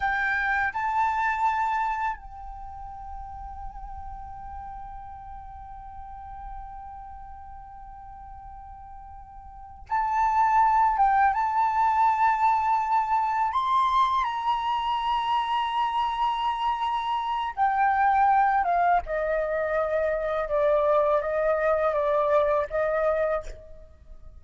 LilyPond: \new Staff \with { instrumentName = "flute" } { \time 4/4 \tempo 4 = 82 g''4 a''2 g''4~ | g''1~ | g''1~ | g''4. a''4. g''8 a''8~ |
a''2~ a''8 c'''4 ais''8~ | ais''1 | g''4. f''8 dis''2 | d''4 dis''4 d''4 dis''4 | }